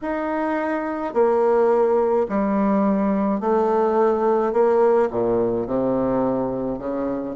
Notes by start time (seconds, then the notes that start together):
0.01 D#4
1.13 A#3
2.28 G3
3.40 A3
4.52 A#3
5.10 A#2
5.66 C3
6.79 C#3